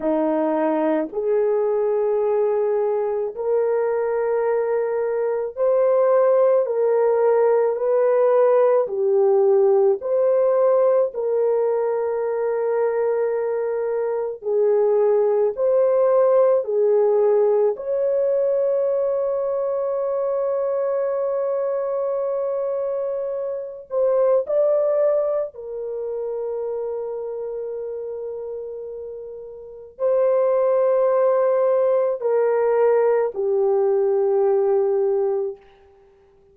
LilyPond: \new Staff \with { instrumentName = "horn" } { \time 4/4 \tempo 4 = 54 dis'4 gis'2 ais'4~ | ais'4 c''4 ais'4 b'4 | g'4 c''4 ais'2~ | ais'4 gis'4 c''4 gis'4 |
cis''1~ | cis''4. c''8 d''4 ais'4~ | ais'2. c''4~ | c''4 ais'4 g'2 | }